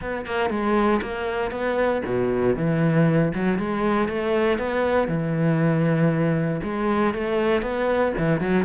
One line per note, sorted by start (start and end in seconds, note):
0.01 0.25 B3
0.25 0.50 A#3
0.50 1.01 G#3
1.02 1.51 A#3
1.51 2.02 B3
2.05 2.55 B2
2.56 3.32 E3
3.34 3.58 F#3
3.58 4.08 G#3
4.08 4.58 A3
4.58 5.08 B3
5.08 6.60 E3
6.63 7.13 G#3
7.13 7.61 A3
7.61 8.12 B3
8.17 8.40 E3
8.40 8.65 F#3